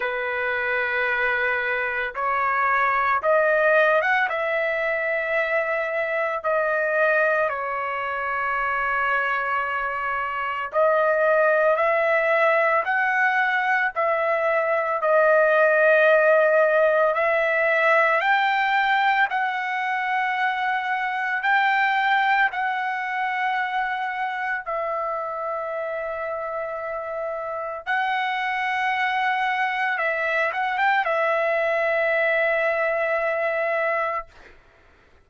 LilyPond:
\new Staff \with { instrumentName = "trumpet" } { \time 4/4 \tempo 4 = 56 b'2 cis''4 dis''8. fis''16 | e''2 dis''4 cis''4~ | cis''2 dis''4 e''4 | fis''4 e''4 dis''2 |
e''4 g''4 fis''2 | g''4 fis''2 e''4~ | e''2 fis''2 | e''8 fis''16 g''16 e''2. | }